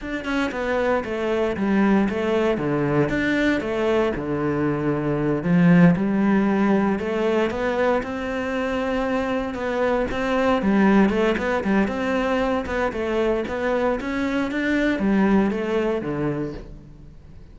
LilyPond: \new Staff \with { instrumentName = "cello" } { \time 4/4 \tempo 4 = 116 d'8 cis'8 b4 a4 g4 | a4 d4 d'4 a4 | d2~ d8 f4 g8~ | g4. a4 b4 c'8~ |
c'2~ c'8 b4 c'8~ | c'8 g4 a8 b8 g8 c'4~ | c'8 b8 a4 b4 cis'4 | d'4 g4 a4 d4 | }